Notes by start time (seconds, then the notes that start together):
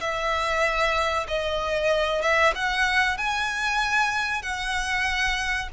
0.00 E5
1.28 D#5
2.22 E5
2.55 F#5
3.17 G#5
4.42 F#5